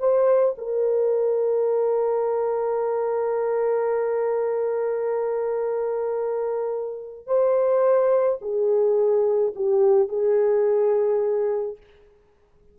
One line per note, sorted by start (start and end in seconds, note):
0.00 0.56 C5
0.58 7.27 A#4
7.27 8.39 C5
8.42 9.54 G#4
9.56 10.09 G4
10.09 11.77 G#4